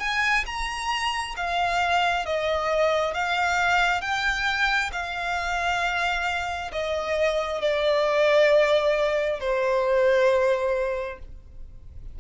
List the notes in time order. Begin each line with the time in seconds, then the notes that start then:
0.00 G#5
0.46 A#5
1.37 F5
2.26 D#5
3.14 F5
4.01 G5
4.93 F5
6.72 D#5
7.61 D5
9.40 C5